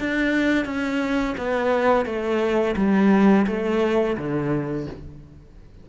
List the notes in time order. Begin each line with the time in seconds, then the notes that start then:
0.00 D4
0.65 C#4
1.38 B3
2.06 A3
2.76 G3
3.47 A3
4.17 D3